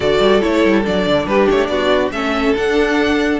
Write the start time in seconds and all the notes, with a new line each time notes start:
0.00 D3 F#4 A4 D5
0.19 G3
0.41 A3 E4 C#5
0.65 G3
0.85 F#3 D4 D5
1.06 D3
1.26 G3 G4 B4
1.50 A3 C#5
1.66 B3 F#4 D5
2.11 A3 C#4 A4 E5
2.55 D4 F#5